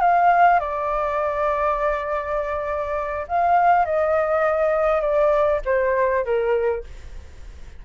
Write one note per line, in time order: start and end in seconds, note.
0.00 0.59 F5
0.59 3.27 D5
3.28 3.85 F5
3.85 5.01 D#5
5.01 5.61 D5
5.65 6.25 C5
6.25 6.84 A#4